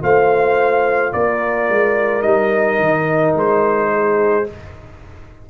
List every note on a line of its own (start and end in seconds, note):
0.00 1.13 A3
0.00 2.22 F4
0.00 1.13 C5
0.00 1.13 F5
1.13 1.69 A#3
1.13 3.91 A#4
1.13 2.22 D5
1.69 2.24 G#3
2.22 2.79 G3
2.22 4.44 D#4
2.22 3.33 D#5
2.79 3.35 D#3
3.35 4.47 G#3
3.35 4.49 C5
3.93 4.49 G#4